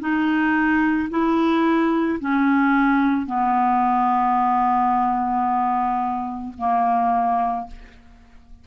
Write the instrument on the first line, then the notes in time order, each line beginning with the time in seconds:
clarinet
0.00 D#4
1.10 E4
2.20 C#4
3.26 B3
6.58 A#3